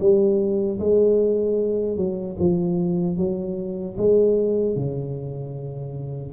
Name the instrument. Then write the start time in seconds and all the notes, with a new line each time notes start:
tuba
0.00 G3
0.80 G#3
1.97 F#3
2.40 F3
3.17 F#3
3.97 G#3
4.76 C#3